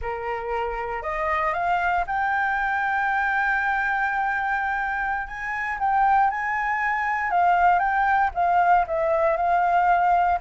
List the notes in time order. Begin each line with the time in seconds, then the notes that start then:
0.01 A#4
1.02 D#5
1.53 F5
2.07 G5
5.27 G#5
5.79 G5
6.30 G#5
7.31 F5
7.79 G5
8.34 F5
8.87 E5
9.36 F5